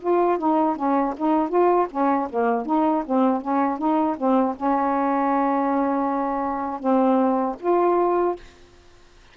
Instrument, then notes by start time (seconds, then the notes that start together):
saxophone
0.00 F4
0.38 D#4
0.76 C#4
1.17 D#4
1.49 F4
1.90 C#4
2.29 A#3
2.66 D#4
3.06 C4
3.41 C#4
3.78 D#4
4.17 C4
4.56 C#4
6.80 C4
7.59 F4